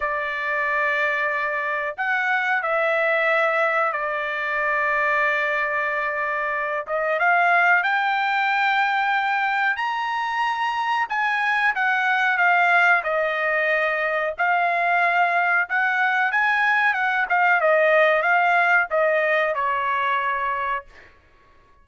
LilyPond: \new Staff \with { instrumentName = "trumpet" } { \time 4/4 \tempo 4 = 92 d''2. fis''4 | e''2 d''2~ | d''2~ d''8 dis''8 f''4 | g''2. ais''4~ |
ais''4 gis''4 fis''4 f''4 | dis''2 f''2 | fis''4 gis''4 fis''8 f''8 dis''4 | f''4 dis''4 cis''2 | }